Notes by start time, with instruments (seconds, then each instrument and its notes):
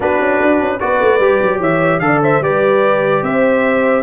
0.00 tuba B3, trombone D4, horn F#4, trumpet B4
0.20 tuba C#4
0.41 tuba D4
0.60 tuba C#4
0.79 tuba B3, trombone F#4, horn B4, trumpet D5
1.02 tuba A3
1.19 tuba G3, trombone G4
1.42 tuba F#3
1.58 tuba E3, horn C#5, trumpet E5
1.99 tuba D3, trombone A4, trumpet F5
2.06 horn D5
2.23 horn C5, trumpet E5
2.40 tuba G3, trombone G4, horn B4, trumpet D5
3.22 tuba C4, horn C5, trumpet E5